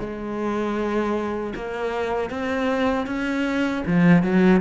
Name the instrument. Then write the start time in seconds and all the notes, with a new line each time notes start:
cello
0.00 G#3
1.56 A#3
2.30 C4
3.07 C#4
3.87 F3
4.23 F#3